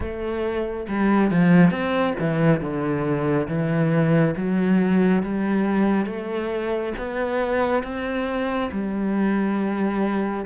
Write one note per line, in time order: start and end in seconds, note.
0.00 0.86 A3
0.88 1.30 G3
1.30 1.70 F3
1.70 2.14 C4
2.19 2.60 E3
2.60 3.47 D3
3.47 4.34 E3
4.36 5.23 F#3
5.23 6.06 G3
6.06 6.93 A3
6.98 7.83 B3
7.83 8.70 C4
8.71 10.45 G3